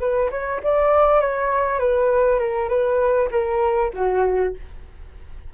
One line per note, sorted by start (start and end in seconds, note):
0.00 0.30 B4
0.31 0.61 C#5
0.63 1.20 D5
1.20 1.79 C#5
1.79 2.39 B4
2.39 2.69 A#4
2.69 3.29 B4
3.31 3.91 A#4
3.93 4.53 F#4